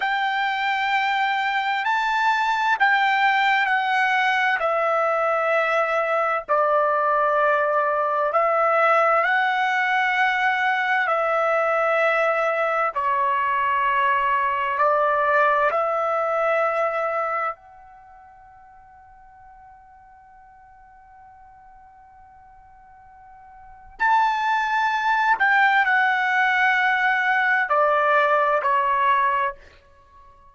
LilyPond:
\new Staff \with { instrumentName = "trumpet" } { \time 4/4 \tempo 4 = 65 g''2 a''4 g''4 | fis''4 e''2 d''4~ | d''4 e''4 fis''2 | e''2 cis''2 |
d''4 e''2 fis''4~ | fis''1~ | fis''2 a''4. g''8 | fis''2 d''4 cis''4 | }